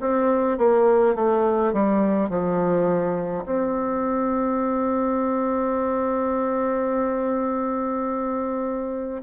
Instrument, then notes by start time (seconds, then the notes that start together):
bassoon
0.00 C4
0.58 A#3
1.15 A3
1.73 G3
2.29 F3
3.45 C4